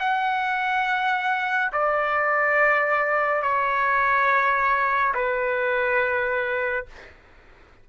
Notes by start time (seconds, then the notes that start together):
0.00 F#5
1.73 D5
3.43 C#5
5.15 B4